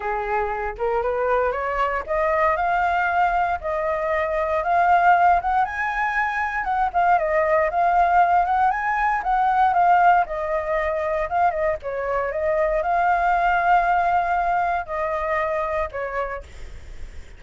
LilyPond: \new Staff \with { instrumentName = "flute" } { \time 4/4 \tempo 4 = 117 gis'4. ais'8 b'4 cis''4 | dis''4 f''2 dis''4~ | dis''4 f''4. fis''8 gis''4~ | gis''4 fis''8 f''8 dis''4 f''4~ |
f''8 fis''8 gis''4 fis''4 f''4 | dis''2 f''8 dis''8 cis''4 | dis''4 f''2.~ | f''4 dis''2 cis''4 | }